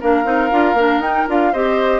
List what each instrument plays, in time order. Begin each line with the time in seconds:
0.00 bassoon A#3, clarinet D4, oboe A#4, flute F5
0.24 bassoon C4, clarinet D#4
0.50 bassoon D4, clarinet F4
0.73 bassoon A#3, clarinet D4
0.98 bassoon D#4, clarinet D#4, flute G5
1.27 bassoon D4, clarinet F4, flute F5
1.52 bassoon C4, clarinet G4, oboe C5, flute D#5